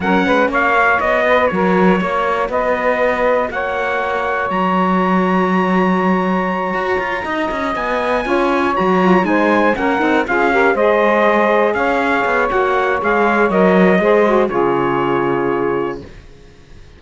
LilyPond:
<<
  \new Staff \with { instrumentName = "trumpet" } { \time 4/4 \tempo 4 = 120 fis''4 f''4 dis''4 cis''4~ | cis''4 dis''2 fis''4~ | fis''4 ais''2.~ | ais''2.~ ais''8 gis''8~ |
gis''4. ais''4 gis''4 fis''8~ | fis''8 f''4 dis''2 f''8~ | f''4 fis''4 f''4 dis''4~ | dis''4 cis''2. | }
  \new Staff \with { instrumentName = "saxophone" } { \time 4/4 ais'8 b'8 cis''4. b'8 ais'4 | cis''4 b'2 cis''4~ | cis''1~ | cis''2~ cis''8 dis''4.~ |
dis''8 cis''2 c''4 ais'8~ | ais'8 gis'8 ais'8 c''2 cis''8~ | cis''1 | c''4 gis'2. | }
  \new Staff \with { instrumentName = "saxophone" } { \time 4/4 cis'4. fis'2~ fis'8~ | fis'1~ | fis'1~ | fis'1~ |
fis'8 f'4 fis'8 f'8 dis'4 cis'8 | dis'8 f'8 g'8 gis'2~ gis'8~ | gis'4 fis'4 gis'4 ais'4 | gis'8 fis'8 f'2. | }
  \new Staff \with { instrumentName = "cello" } { \time 4/4 fis8 gis8 ais4 b4 fis4 | ais4 b2 ais4~ | ais4 fis2.~ | fis4. fis'8 f'8 dis'8 cis'8 b8~ |
b8 cis'4 fis4 gis4 ais8 | c'8 cis'4 gis2 cis'8~ | cis'8 b8 ais4 gis4 fis4 | gis4 cis2. | }
>>